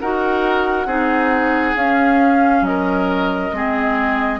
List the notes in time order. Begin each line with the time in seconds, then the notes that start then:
0.00 D#4 F#4 A#4 F#5
0.86 C4 D#4 G#4
1.75 C#4 F5
2.62 F#3 D#5
2.68 A#4
3.52 G#3 C4 G#4